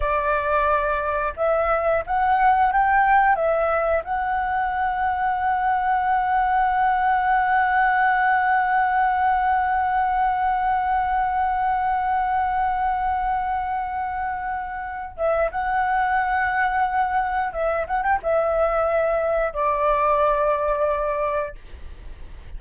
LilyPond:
\new Staff \with { instrumentName = "flute" } { \time 4/4 \tempo 4 = 89 d''2 e''4 fis''4 | g''4 e''4 fis''2~ | fis''1~ | fis''1~ |
fis''1~ | fis''2~ fis''8 e''8 fis''4~ | fis''2 e''8 fis''16 g''16 e''4~ | e''4 d''2. | }